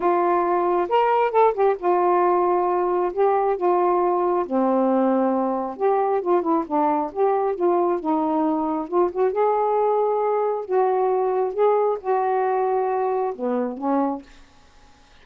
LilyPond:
\new Staff \with { instrumentName = "saxophone" } { \time 4/4 \tempo 4 = 135 f'2 ais'4 a'8 g'8 | f'2. g'4 | f'2 c'2~ | c'4 g'4 f'8 e'8 d'4 |
g'4 f'4 dis'2 | f'8 fis'8 gis'2. | fis'2 gis'4 fis'4~ | fis'2 b4 cis'4 | }